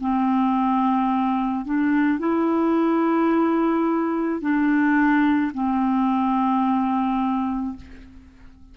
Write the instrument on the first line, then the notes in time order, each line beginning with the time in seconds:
clarinet
0.00 C4
1.65 D4
2.19 E4
4.40 D4
5.54 C4